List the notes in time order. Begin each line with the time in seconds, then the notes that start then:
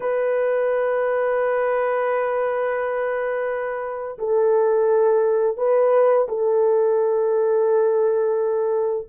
0.00 B4
4.18 A4
5.57 B4
6.28 A4